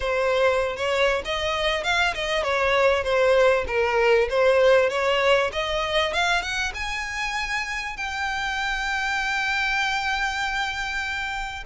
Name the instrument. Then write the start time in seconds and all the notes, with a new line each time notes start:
violin
0.00 C5
0.76 C#5
1.24 D#5
1.83 F5
2.14 D#5
2.43 C#5
3.03 C5
3.67 A#4
4.29 C5
4.89 C#5
5.52 D#5
6.13 F5
6.41 F#5
6.74 G#5
7.96 G5